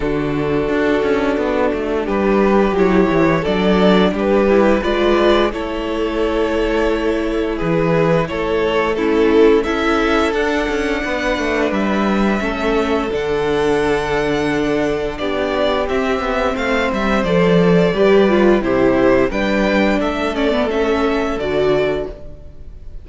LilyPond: <<
  \new Staff \with { instrumentName = "violin" } { \time 4/4 \tempo 4 = 87 a'2. b'4 | cis''4 d''4 b'4 d''4 | cis''2. b'4 | cis''4 a'4 e''4 fis''4~ |
fis''4 e''2 fis''4~ | fis''2 d''4 e''4 | f''8 e''8 d''2 c''4 | g''4 e''8 d''8 e''4 d''4 | }
  \new Staff \with { instrumentName = "violin" } { \time 4/4 fis'2. g'4~ | g'4 a'4 g'4 b'4 | a'2. gis'4 | a'4 e'4 a'2 |
b'2 a'2~ | a'2 g'2 | c''2 b'4 g'4 | b'4 a'2. | }
  \new Staff \with { instrumentName = "viola" } { \time 4/4 d'1 | e'4 d'4. e'8 f'4 | e'1~ | e'4 cis'4 e'4 d'4~ |
d'2 cis'4 d'4~ | d'2. c'4~ | c'4 a'4 g'8 f'8 e'4 | d'4. cis'16 b16 cis'4 fis'4 | }
  \new Staff \with { instrumentName = "cello" } { \time 4/4 d4 d'8 cis'8 b8 a8 g4 | fis8 e8 fis4 g4 gis4 | a2. e4 | a2 cis'4 d'8 cis'8 |
b8 a8 g4 a4 d4~ | d2 b4 c'8 b8 | a8 g8 f4 g4 c4 | g4 a2 d4 | }
>>